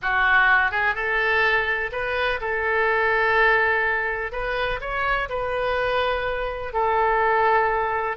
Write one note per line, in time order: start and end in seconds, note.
0.02 0.71 F#4
0.71 0.94 G#4
0.94 1.90 A4
1.92 2.40 B4
2.40 4.32 A4
4.32 4.80 B4
4.80 5.28 C#5
5.29 6.73 B4
6.73 8.16 A4